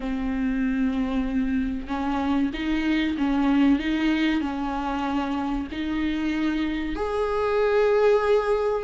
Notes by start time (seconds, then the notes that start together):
0.00 C4
1.87 C#4
2.53 D#4
3.18 C#4
3.79 D#4
4.40 C#4
5.71 D#4
6.95 G#4